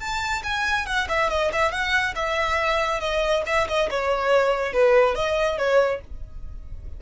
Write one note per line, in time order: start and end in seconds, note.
0.00 0.43 A5
0.44 0.86 G#5
0.86 1.08 F#5
1.09 1.30 E5
1.30 1.52 D#5
1.53 1.72 E5
1.72 2.15 F#5
2.16 3.00 E5
3.00 3.43 D#5
3.47 3.68 E5
3.68 3.90 D#5
3.91 4.73 C#5
4.73 5.15 B4
5.15 5.58 D#5
5.58 6.01 C#5